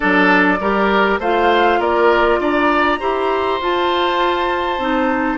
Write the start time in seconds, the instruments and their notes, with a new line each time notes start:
0.00 bassoon F#3, clarinet D4, oboe A4, flute D5
0.60 bassoon G3, clarinet G4, oboe A#4
1.19 bassoon A3, clarinet F4, oboe C5, flute F5
1.79 bassoon A#3, oboe A#4, flute D5
2.39 bassoon D4, oboe D5, flute A#5
2.99 bassoon E4, clarinet G4, oboe C5
3.60 bassoon F4, clarinet F4, flute A5
4.78 bassoon C4, clarinet D#4